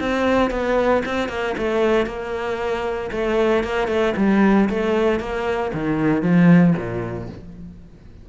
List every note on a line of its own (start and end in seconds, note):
0.00 0.51 C4
0.51 1.03 B3
1.05 1.29 C4
1.29 1.55 A#3
1.58 2.06 A3
2.06 3.10 A#3
3.12 3.64 A3
3.64 3.88 A#3
3.88 4.14 A3
4.17 4.69 G3
4.70 5.20 A3
5.20 5.72 A#3
5.73 6.22 D#3
6.22 6.74 F3
6.77 7.29 A#2